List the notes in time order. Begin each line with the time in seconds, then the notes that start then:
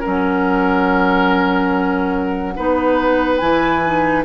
0.00 C#4 A#4 F#5
0.06 F#3
2.56 B3 D#4 B4
3.38 E3 E4 G#5
3.86 D#4